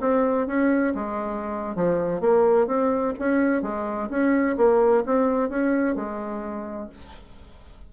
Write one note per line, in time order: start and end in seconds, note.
0.00 0.47 C4
0.47 0.94 C#4
0.94 1.75 G#3
1.75 2.21 F3
2.21 2.67 A#3
2.67 3.14 C4
3.19 3.62 C#4
3.62 4.09 G#3
4.10 4.57 C#4
4.57 5.04 A#3
5.06 5.49 C4
5.49 5.95 C#4
5.95 6.89 G#3